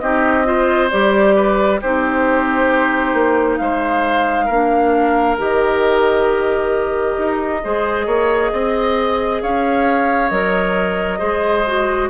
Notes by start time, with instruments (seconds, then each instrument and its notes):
0.00 bassoon C4, clarinet D#4, oboe G4, flute D#5
0.44 clarinet F4, oboe C5
0.90 bassoon G3, clarinet G4, flute D5
1.36 oboe B4
1.81 bassoon C4, clarinet D#4, oboe G4, flute C5
3.14 bassoon A#3
3.57 bassoon G#3, oboe C5, flute F5
4.46 bassoon A#3, clarinet D4, oboe A#4
5.38 bassoon D#3, clarinet G4, flute D#5
7.18 bassoon D#4
7.64 bassoon G#3, clarinet G#4, oboe C5
8.06 bassoon A#3, oboe C#5
8.52 bassoon C4, oboe D#5
9.42 bassoon C#4, oboe C#5, flute F5
10.29 bassoon F#3, clarinet A#4, flute D#5
11.19 bassoon G#3, clarinet G#4, oboe C5
11.67 clarinet F#4